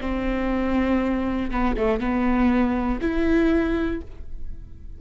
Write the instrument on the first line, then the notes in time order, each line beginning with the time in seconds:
viola
0.00 C4
1.50 B3
1.76 A3
1.99 B3
3.01 E4